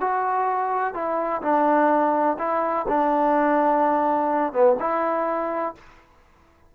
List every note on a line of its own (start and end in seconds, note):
0.00 0.94 F#4
0.94 1.41 E4
1.42 2.37 D4
2.38 2.85 E4
2.88 4.52 D4
4.52 4.76 B3
4.79 5.74 E4